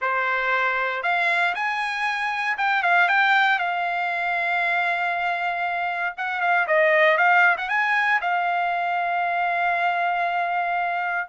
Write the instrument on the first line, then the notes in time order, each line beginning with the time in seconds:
trumpet
0.01 C5
1.03 F5
1.54 G#5
2.57 G5
2.83 F5
3.08 G5
3.59 F5
6.17 F#5
6.40 F5
6.67 D#5
7.17 F5
7.57 F#5
7.69 G#5
8.21 F5